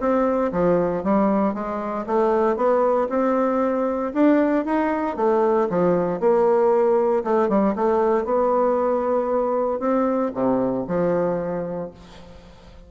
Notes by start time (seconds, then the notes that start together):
0.00 C4
0.52 F3
1.03 G3
1.54 G#3
2.07 A3
2.57 B3
3.09 C4
4.14 D4
4.65 D#4
5.17 A3
5.69 F3
6.20 A#3
7.24 A3
7.49 G3
7.76 A3
8.25 B3
9.80 C4
10.34 C3
10.88 F3